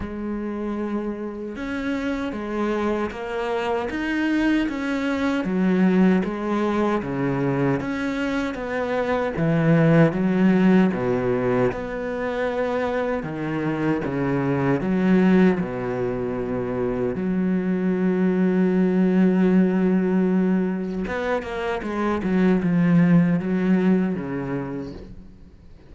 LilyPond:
\new Staff \with { instrumentName = "cello" } { \time 4/4 \tempo 4 = 77 gis2 cis'4 gis4 | ais4 dis'4 cis'4 fis4 | gis4 cis4 cis'4 b4 | e4 fis4 b,4 b4~ |
b4 dis4 cis4 fis4 | b,2 fis2~ | fis2. b8 ais8 | gis8 fis8 f4 fis4 cis4 | }